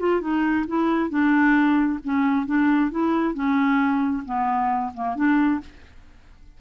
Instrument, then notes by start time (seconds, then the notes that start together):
clarinet
0.00 F4
0.21 D#4
0.68 E4
1.10 D4
2.04 C#4
2.46 D4
2.91 E4
3.35 C#4
4.26 B3
4.94 A#3
5.16 D4